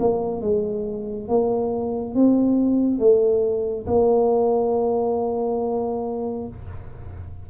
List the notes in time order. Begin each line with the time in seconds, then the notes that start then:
0.00 A#3
0.42 G#3
1.28 A#3
2.15 C4
2.99 A3
3.87 A#3